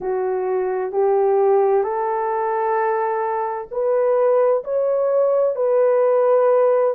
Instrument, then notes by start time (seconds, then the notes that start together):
horn
0.00 F#4
0.91 G4
1.83 A4
3.71 B4
4.64 C#5
5.56 B4